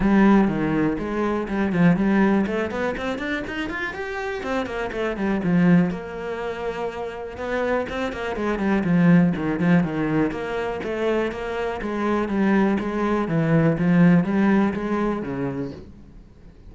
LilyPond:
\new Staff \with { instrumentName = "cello" } { \time 4/4 \tempo 4 = 122 g4 dis4 gis4 g8 f8 | g4 a8 b8 c'8 d'8 dis'8 f'8 | g'4 c'8 ais8 a8 g8 f4 | ais2. b4 |
c'8 ais8 gis8 g8 f4 dis8 f8 | dis4 ais4 a4 ais4 | gis4 g4 gis4 e4 | f4 g4 gis4 cis4 | }